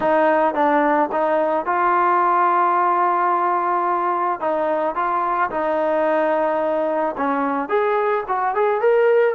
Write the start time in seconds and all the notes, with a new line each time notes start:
0.00 D#4
0.54 D4
1.12 D#4
1.65 F4
4.40 D#4
4.95 F4
5.50 D#4
7.17 C#4
7.68 G#4
8.28 F#4
8.55 G#4
8.80 A#4